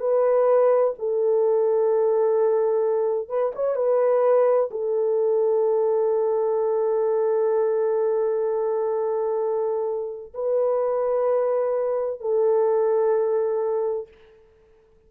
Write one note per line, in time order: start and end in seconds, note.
0.00 0.94 B4
0.99 3.29 A4
3.29 3.52 B4
3.55 3.76 C#5
3.76 4.70 B4
4.71 10.33 A4
10.34 12.20 B4
12.20 14.08 A4